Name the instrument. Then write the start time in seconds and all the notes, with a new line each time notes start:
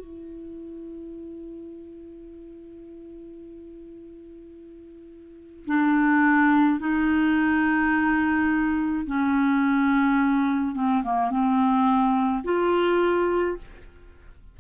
clarinet
0.00 E4
5.67 D4
6.80 D#4
9.07 C#4
10.75 C4
11.04 A#3
11.31 C4
12.44 F4